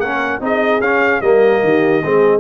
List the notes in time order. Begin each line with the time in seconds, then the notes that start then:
0.00 A#3 C#4 A#4 F#5
0.41 C4 D#4 G#4 D#5
0.80 C#4 F5
1.21 G3 A#3 A#4 D#5
1.64 D#3 G4
2.04 G#3 C4 G#4